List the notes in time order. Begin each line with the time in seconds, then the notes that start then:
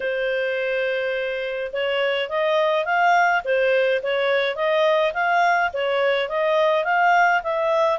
0.00 C5
1.72 C#5
2.29 D#5
2.85 F5
3.44 C5
4.02 C#5
4.55 D#5
5.13 F5
5.73 C#5
6.28 D#5
6.84 F5
7.43 E5